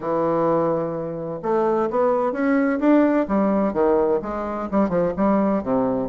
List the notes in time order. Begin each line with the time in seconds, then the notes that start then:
0.00 E3
1.42 A3
1.90 B3
2.32 C#4
2.79 D4
3.28 G3
3.73 D#3
4.22 G#3
4.71 G3
4.89 F3
5.16 G3
5.63 C3